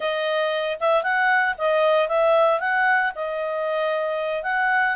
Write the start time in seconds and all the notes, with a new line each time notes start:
0.00 D#5
0.79 E5
1.03 F#5
1.57 D#5
2.08 E5
2.60 F#5
3.15 D#5
4.43 F#5